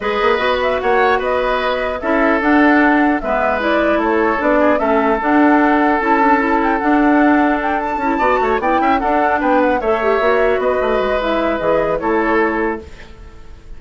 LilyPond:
<<
  \new Staff \with { instrumentName = "flute" } { \time 4/4 \tempo 4 = 150 dis''4. e''8 fis''4 dis''4~ | dis''4 e''4 fis''2 | e''4 d''4 cis''4 d''4 | e''4 fis''2 a''4~ |
a''8 g''8 fis''2 g''8 a''8~ | a''4. g''4 fis''4 g''8 | fis''8 e''2 dis''4. | e''4 dis''4 cis''2 | }
  \new Staff \with { instrumentName = "oboe" } { \time 4/4 b'2 cis''4 b'4~ | b'4 a'2. | b'2 a'4. gis'8 | a'1~ |
a'1~ | a'8 d''8 cis''8 d''8 e''8 a'4 b'8~ | b'8 cis''2 b'4.~ | b'2 a'2 | }
  \new Staff \with { instrumentName = "clarinet" } { \time 4/4 gis'4 fis'2.~ | fis'4 e'4 d'2 | b4 e'2 d'4 | cis'4 d'2 e'8 d'8 |
e'4 d'2. | e'8 fis'4 e'4 d'4.~ | d'8 a'8 g'8 fis'2~ fis'8 | e'4 gis'4 e'2 | }
  \new Staff \with { instrumentName = "bassoon" } { \time 4/4 gis8 ais8 b4 ais4 b4~ | b4 cis'4 d'2 | gis2 a4 b4 | a4 d'2 cis'4~ |
cis'4 d'2. | cis'8 b8 a8 b8 cis'8 d'4 b8~ | b8 a4 ais4 b8 a8 gis8~ | gis4 e4 a2 | }
>>